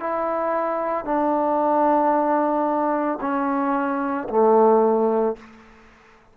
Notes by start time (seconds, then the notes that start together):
0.00 E4
1.05 D4
3.21 C#4
4.30 A3